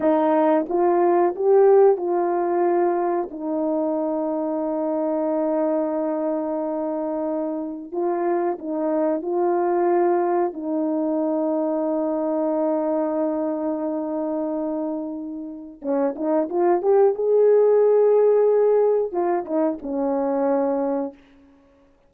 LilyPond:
\new Staff \with { instrumentName = "horn" } { \time 4/4 \tempo 4 = 91 dis'4 f'4 g'4 f'4~ | f'4 dis'2.~ | dis'1 | f'4 dis'4 f'2 |
dis'1~ | dis'1 | cis'8 dis'8 f'8 g'8 gis'2~ | gis'4 f'8 dis'8 cis'2 | }